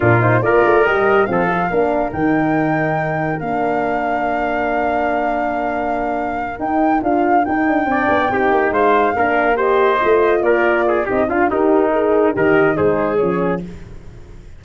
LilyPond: <<
  \new Staff \with { instrumentName = "flute" } { \time 4/4 \tempo 4 = 141 ais'8 c''8 d''4 dis''4 f''4~ | f''4 g''2. | f''1~ | f''2.~ f''8 g''8~ |
g''8 f''4 g''2~ g''8~ | g''8 f''2 dis''4.~ | dis''8 d''4. dis''8 f''8 ais'4~ | ais'4 dis''4 c''4 cis''4 | }
  \new Staff \with { instrumentName = "trumpet" } { \time 4/4 f'4 ais'2 a'4 | ais'1~ | ais'1~ | ais'1~ |
ais'2~ ais'8 d''4 g'8~ | g'8 c''4 ais'4 c''4.~ | c''8 ais'4 gis'8 g'8 f'8 dis'4~ | dis'4 ais'4 gis'2 | }
  \new Staff \with { instrumentName = "horn" } { \time 4/4 d'8 dis'8 f'4 g'4 c'8 f'8 | d'4 dis'2. | d'1~ | d'2.~ d'8 dis'8~ |
dis'8 f'4 dis'4 d'4 dis'8~ | dis'4. d'4 g'4 f'8~ | f'2 dis'8 f'8 g'4 | gis'4 g'4 dis'4 cis'4 | }
  \new Staff \with { instrumentName = "tuba" } { \time 4/4 ais,4 ais8 a8 g4 f4 | ais4 dis2. | ais1~ | ais2.~ ais8 dis'8~ |
dis'8 d'4 dis'8 d'8 c'8 b8 c'8 | ais8 gis4 ais2 a8~ | a8 ais4. c'8 d'8 dis'4~ | dis'4 dis4 gis4 f4 | }
>>